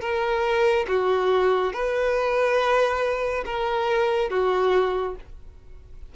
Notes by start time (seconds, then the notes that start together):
0.00 A#4
0.87 F#4
1.73 B4
3.45 A#4
4.29 F#4